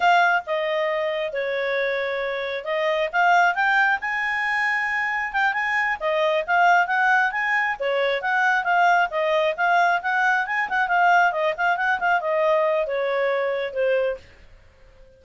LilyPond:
\new Staff \with { instrumentName = "clarinet" } { \time 4/4 \tempo 4 = 135 f''4 dis''2 cis''4~ | cis''2 dis''4 f''4 | g''4 gis''2. | g''8 gis''4 dis''4 f''4 fis''8~ |
fis''8 gis''4 cis''4 fis''4 f''8~ | f''8 dis''4 f''4 fis''4 gis''8 | fis''8 f''4 dis''8 f''8 fis''8 f''8 dis''8~ | dis''4 cis''2 c''4 | }